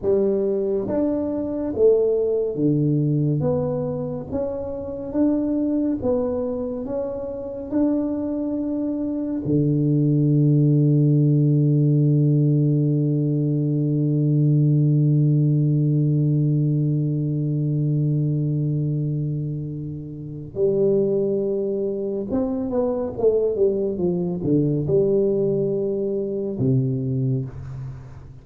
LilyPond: \new Staff \with { instrumentName = "tuba" } { \time 4/4 \tempo 4 = 70 g4 d'4 a4 d4 | b4 cis'4 d'4 b4 | cis'4 d'2 d4~ | d1~ |
d1~ | d1 | g2 c'8 b8 a8 g8 | f8 d8 g2 c4 | }